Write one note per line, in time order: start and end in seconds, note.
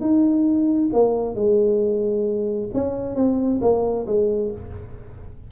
0.00 0.90 D#4
0.93 1.35 A#3
1.35 2.69 G#3
2.73 3.15 C#4
3.15 3.60 C4
3.61 4.06 A#3
4.06 4.51 G#3